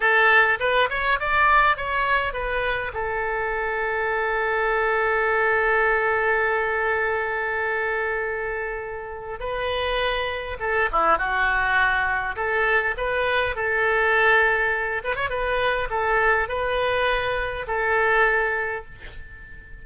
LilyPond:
\new Staff \with { instrumentName = "oboe" } { \time 4/4 \tempo 4 = 102 a'4 b'8 cis''8 d''4 cis''4 | b'4 a'2.~ | a'1~ | a'1 |
b'2 a'8 e'8 fis'4~ | fis'4 a'4 b'4 a'4~ | a'4. b'16 cis''16 b'4 a'4 | b'2 a'2 | }